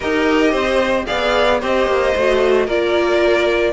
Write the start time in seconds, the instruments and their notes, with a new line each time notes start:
0.00 cello D#4, viola G4, violin A#4 D#5
0.51 cello C4, violin C5
1.05 cello B3, viola G#4, violin D5 F5
1.59 cello C4, viola G4, violin C5 D#5
1.86 cello A#3
2.16 cello A3, viola F#4
2.66 cello A#3, viola F4, violin A#4 D5